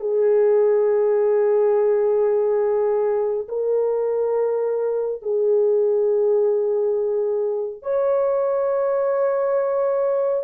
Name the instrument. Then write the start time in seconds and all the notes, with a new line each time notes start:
horn
0.00 G#4
3.48 A#4
5.22 G#4
7.83 C#5